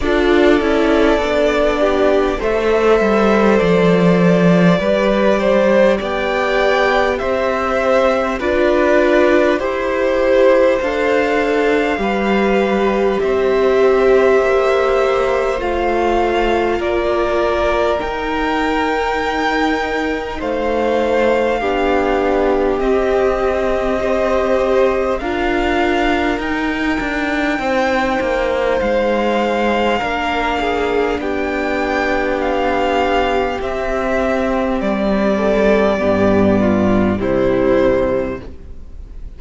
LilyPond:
<<
  \new Staff \with { instrumentName = "violin" } { \time 4/4 \tempo 4 = 50 d''2 e''4 d''4~ | d''4 g''4 e''4 d''4 | c''4 f''2 e''4~ | e''4 f''4 d''4 g''4~ |
g''4 f''2 dis''4~ | dis''4 f''4 g''2 | f''2 g''4 f''4 | e''4 d''2 c''4 | }
  \new Staff \with { instrumentName = "violin" } { \time 4/4 a'4. g'8 c''2 | b'8 c''8 d''4 c''4 b'4 | c''2 b'4 c''4~ | c''2 ais'2~ |
ais'4 c''4 g'2 | c''4 ais'2 c''4~ | c''4 ais'8 gis'8 g'2~ | g'4. a'8 g'8 f'8 e'4 | }
  \new Staff \with { instrumentName = "viola" } { \time 4/4 f'8 e'8 d'4 a'2 | g'2. f'4 | g'4 a'4 g'2~ | g'4 f'2 dis'4~ |
dis'2 d'4 c'4 | g'4 f'4 dis'2~ | dis'4 d'2. | c'2 b4 g4 | }
  \new Staff \with { instrumentName = "cello" } { \time 4/4 d'8 cis'8 b4 a8 g8 f4 | g4 b4 c'4 d'4 | e'4 d'4 g4 c'4 | ais4 a4 ais4 dis'4~ |
dis'4 a4 b4 c'4~ | c'4 d'4 dis'8 d'8 c'8 ais8 | gis4 ais4 b2 | c'4 g4 g,4 c4 | }
>>